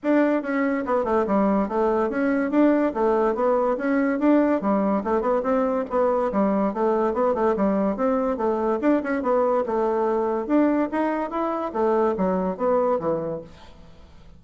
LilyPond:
\new Staff \with { instrumentName = "bassoon" } { \time 4/4 \tempo 4 = 143 d'4 cis'4 b8 a8 g4 | a4 cis'4 d'4 a4 | b4 cis'4 d'4 g4 | a8 b8 c'4 b4 g4 |
a4 b8 a8 g4 c'4 | a4 d'8 cis'8 b4 a4~ | a4 d'4 dis'4 e'4 | a4 fis4 b4 e4 | }